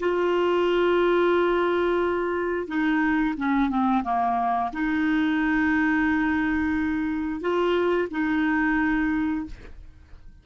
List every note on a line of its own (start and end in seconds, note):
0.00 2.68 F4
2.68 3.35 D#4
3.38 3.70 C#4
3.70 4.04 C4
4.04 4.72 A#3
4.73 7.41 D#4
7.41 8.09 F4
8.11 9.46 D#4